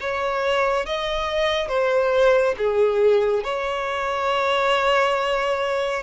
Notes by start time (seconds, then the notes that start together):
0.00 C#5
0.86 D#5
1.68 C5
2.58 G#4
3.44 C#5